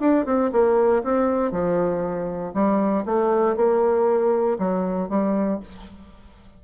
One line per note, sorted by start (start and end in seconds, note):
0.00 0.25 D4
0.26 0.51 C4
0.52 1.03 A#3
1.04 1.52 C4
1.52 2.53 F3
2.54 3.05 G3
3.06 3.56 A3
3.56 4.58 A#3
4.59 5.09 F#3
5.09 5.60 G3